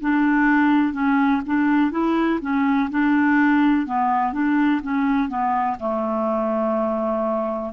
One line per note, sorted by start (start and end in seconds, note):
0.00 0.93 D4
0.93 1.41 C#4
1.46 1.90 D4
1.90 2.39 E4
2.41 2.89 C#4
2.90 3.86 D4
3.86 4.32 B3
4.32 4.81 D4
4.82 5.28 C#4
5.28 5.77 B3
5.79 7.73 A3